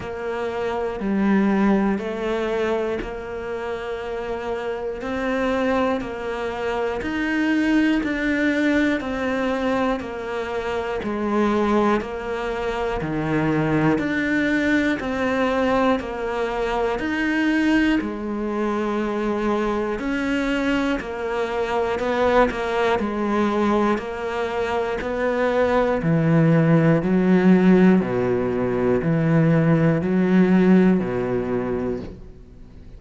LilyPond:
\new Staff \with { instrumentName = "cello" } { \time 4/4 \tempo 4 = 60 ais4 g4 a4 ais4~ | ais4 c'4 ais4 dis'4 | d'4 c'4 ais4 gis4 | ais4 dis4 d'4 c'4 |
ais4 dis'4 gis2 | cis'4 ais4 b8 ais8 gis4 | ais4 b4 e4 fis4 | b,4 e4 fis4 b,4 | }